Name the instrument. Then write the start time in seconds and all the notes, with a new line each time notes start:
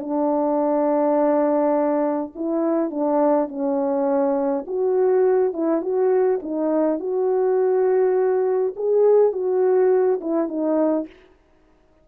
horn
0.00 D4
2.35 E4
2.91 D4
3.48 C#4
4.67 F#4
5.53 E4
5.82 F#4
6.42 D#4
7.00 F#4
8.76 G#4
9.33 F#4
10.21 E4
10.48 D#4